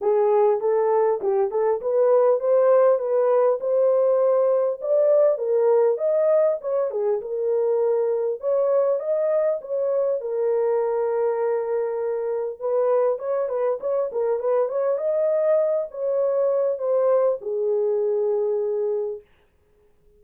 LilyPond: \new Staff \with { instrumentName = "horn" } { \time 4/4 \tempo 4 = 100 gis'4 a'4 g'8 a'8 b'4 | c''4 b'4 c''2 | d''4 ais'4 dis''4 cis''8 gis'8 | ais'2 cis''4 dis''4 |
cis''4 ais'2.~ | ais'4 b'4 cis''8 b'8 cis''8 ais'8 | b'8 cis''8 dis''4. cis''4. | c''4 gis'2. | }